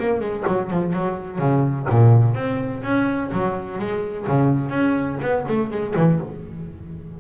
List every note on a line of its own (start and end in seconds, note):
0.00 0.21 A#3
0.21 0.45 G#3
0.48 0.71 F#3
0.71 0.94 F3
0.94 1.39 F#3
1.39 1.87 C#3
1.90 2.35 A#2
2.35 2.83 C4
2.84 3.31 C#4
3.33 3.79 F#3
3.79 4.27 G#3
4.27 4.70 C#3
4.70 5.18 C#4
5.22 5.46 B3
5.49 5.71 A3
5.71 5.95 G#3
5.97 6.21 E3